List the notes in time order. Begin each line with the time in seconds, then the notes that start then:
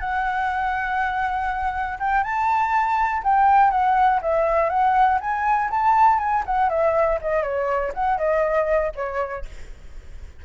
0.00 F#5
2.00 G5
2.24 A5
3.23 G5
3.71 F#5
4.22 E5
4.69 F#5
5.21 G#5
5.71 A5
6.19 G#5
6.46 F#5
6.70 E5
7.21 D#5
7.43 C#5
7.94 F#5
8.18 D#5
8.95 C#5